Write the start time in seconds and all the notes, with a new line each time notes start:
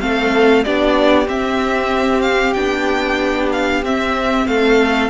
0.00 A3 C4 A4 F5
0.63 B3 D4 G4 D5
1.25 C4 E5
2.21 F5
2.53 B3 D4 G5
3.52 F5
3.83 C4 E5
4.47 A3 A4 F5